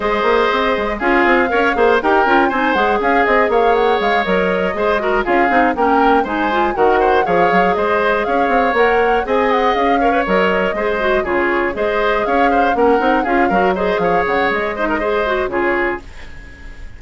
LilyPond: <<
  \new Staff \with { instrumentName = "flute" } { \time 4/4 \tempo 4 = 120 dis''2 f''2 | g''4 gis''8 fis''8 f''8 dis''8 f''8 fis''8 | f''8 dis''2 f''4 g''8~ | g''8 gis''4 fis''4 f''4 dis''8~ |
dis''8 f''4 fis''4 gis''8 fis''8 f''8~ | f''8 dis''2 cis''4 dis''8~ | dis''8 f''4 fis''4 f''4 dis''8 | f''8 fis''8 dis''2 cis''4 | }
  \new Staff \with { instrumentName = "oboe" } { \time 4/4 c''2 gis'4 cis''8 c''8 | ais'4 c''4 gis'4 cis''4~ | cis''4. c''8 ais'8 gis'4 ais'8~ | ais'8 c''4 ais'8 c''8 cis''4 c''8~ |
c''8 cis''2 dis''4. | cis''4. c''4 gis'4 c''8~ | c''8 cis''8 c''8 ais'4 gis'8 ais'8 c''8 | cis''4. c''16 ais'16 c''4 gis'4 | }
  \new Staff \with { instrumentName = "clarinet" } { \time 4/4 gis'2 f'4 ais'8 gis'8 | g'8 f'8 dis'8 gis'2~ gis'8~ | gis'8 ais'4 gis'8 fis'8 f'8 dis'8 cis'8~ | cis'8 dis'8 f'8 fis'4 gis'4.~ |
gis'4. ais'4 gis'4. | ais'16 b'16 ais'4 gis'8 fis'8 f'4 gis'8~ | gis'4. cis'8 dis'8 f'8 fis'8 gis'8~ | gis'4. dis'8 gis'8 fis'8 f'4 | }
  \new Staff \with { instrumentName = "bassoon" } { \time 4/4 gis8 ais8 c'8 gis8 cis'8 c'8 cis'8 ais8 | dis'8 cis'8 c'8 gis8 cis'8 c'8 ais4 | gis8 fis4 gis4 cis'8 c'8 ais8~ | ais8 gis4 dis4 f8 fis8 gis8~ |
gis8 cis'8 c'8 ais4 c'4 cis'8~ | cis'8 fis4 gis4 cis4 gis8~ | gis8 cis'4 ais8 c'8 cis'8 fis4 | f8 cis8 gis2 cis4 | }
>>